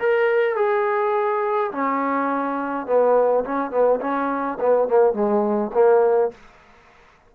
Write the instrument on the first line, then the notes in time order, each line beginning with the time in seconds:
trombone
0.00 A#4
0.56 G#4
1.72 C#4
2.87 B3
3.45 C#4
3.71 B3
4.01 C#4
4.60 B3
4.88 A#3
5.14 G#3
5.74 A#3